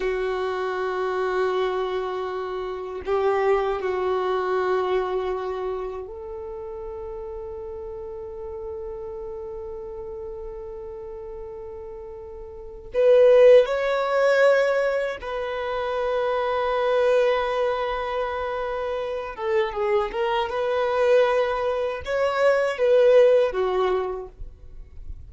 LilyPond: \new Staff \with { instrumentName = "violin" } { \time 4/4 \tempo 4 = 79 fis'1 | g'4 fis'2. | a'1~ | a'1~ |
a'4 b'4 cis''2 | b'1~ | b'4. a'8 gis'8 ais'8 b'4~ | b'4 cis''4 b'4 fis'4 | }